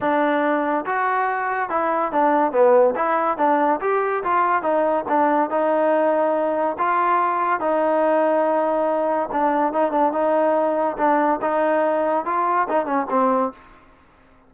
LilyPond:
\new Staff \with { instrumentName = "trombone" } { \time 4/4 \tempo 4 = 142 d'2 fis'2 | e'4 d'4 b4 e'4 | d'4 g'4 f'4 dis'4 | d'4 dis'2. |
f'2 dis'2~ | dis'2 d'4 dis'8 d'8 | dis'2 d'4 dis'4~ | dis'4 f'4 dis'8 cis'8 c'4 | }